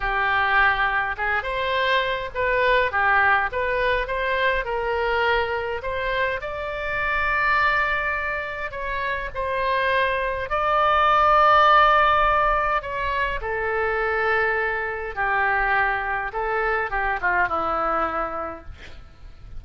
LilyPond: \new Staff \with { instrumentName = "oboe" } { \time 4/4 \tempo 4 = 103 g'2 gis'8 c''4. | b'4 g'4 b'4 c''4 | ais'2 c''4 d''4~ | d''2. cis''4 |
c''2 d''2~ | d''2 cis''4 a'4~ | a'2 g'2 | a'4 g'8 f'8 e'2 | }